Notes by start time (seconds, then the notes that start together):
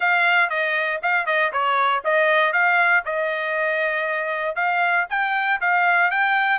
0.00 F5
0.49 D#5
1.02 F5
1.26 D#5
1.52 C#5
2.04 D#5
2.52 F5
3.05 D#5
4.55 F5
5.09 G5
5.60 F5
6.10 G5